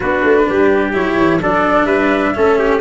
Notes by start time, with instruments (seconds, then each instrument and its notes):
0.00 tuba B3, cello D4, trumpet F#4, flute B4
0.23 tuba A3
0.48 tuba G3, trumpet G4
0.92 tuba F#3, cello E4, flute C#5
1.17 tuba E3
1.41 tuba F#3, cello D4, trumpet A4, flute D5
1.84 tuba G3, trumpet B4, flute E5
2.34 tuba A3, cello C#4, trumpet A4
2.58 trumpet G4